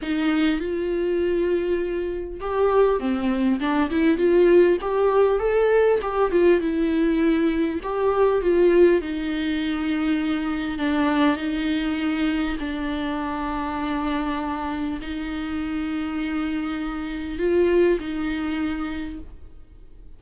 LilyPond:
\new Staff \with { instrumentName = "viola" } { \time 4/4 \tempo 4 = 100 dis'4 f'2. | g'4 c'4 d'8 e'8 f'4 | g'4 a'4 g'8 f'8 e'4~ | e'4 g'4 f'4 dis'4~ |
dis'2 d'4 dis'4~ | dis'4 d'2.~ | d'4 dis'2.~ | dis'4 f'4 dis'2 | }